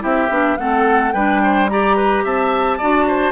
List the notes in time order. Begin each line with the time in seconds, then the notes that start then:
0.00 C4 E4 G4 E5
0.29 B3 D4
0.58 A3 C4 A4 F#5
1.13 G3 D4 B4 G5
1.43 C5
1.69 G4 D5 A#5
1.97 B4
2.24 C4 E5 A5
2.78 D4 F#4 D5
3.07 C5